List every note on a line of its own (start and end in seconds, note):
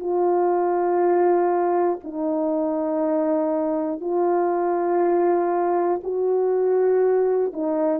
0.00 2.00 F4
2.04 4.01 D#4
4.01 6.01 F4
6.04 7.53 F#4
7.53 8.00 D#4